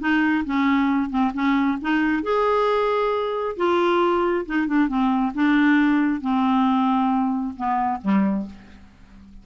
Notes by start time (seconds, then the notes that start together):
0.00 D#4
0.45 C#4
1.10 C4
1.34 C#4
1.82 D#4
2.23 G#4
3.57 F4
4.46 D#4
4.67 D4
4.88 C4
5.35 D4
6.21 C4
7.57 B3
8.02 G3